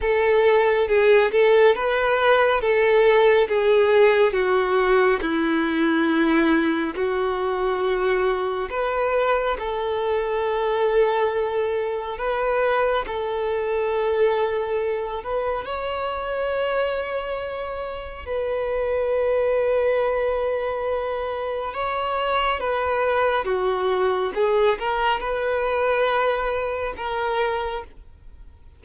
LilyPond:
\new Staff \with { instrumentName = "violin" } { \time 4/4 \tempo 4 = 69 a'4 gis'8 a'8 b'4 a'4 | gis'4 fis'4 e'2 | fis'2 b'4 a'4~ | a'2 b'4 a'4~ |
a'4. b'8 cis''2~ | cis''4 b'2.~ | b'4 cis''4 b'4 fis'4 | gis'8 ais'8 b'2 ais'4 | }